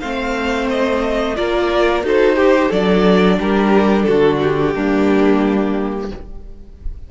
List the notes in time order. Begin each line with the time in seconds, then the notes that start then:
0.00 A3 C4 C5 F5
0.70 D#5
1.36 A#3 F4 A#4 D5
2.03 D#4 F#4 A4 C5
2.36 G4
2.69 F#3 D4 A4 D5
3.39 G3 G4 A#4
4.03 D3 F#4 A4
4.42 G4
4.74 G3 A#3 D4